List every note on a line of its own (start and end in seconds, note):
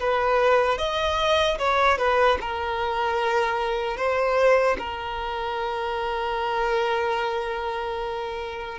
0.00 0.78 B4
0.78 1.58 D#5
1.59 1.98 C#5
1.98 2.38 B4
2.41 3.97 A#4
3.97 4.77 C5
4.79 8.79 A#4